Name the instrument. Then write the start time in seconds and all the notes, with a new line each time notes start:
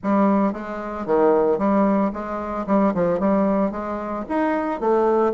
bassoon
0.03 G3
0.53 G#3
1.06 D#3
1.58 G3
2.13 G#3
2.67 G3
2.94 F3
3.19 G3
3.71 G#3
4.28 D#4
4.80 A3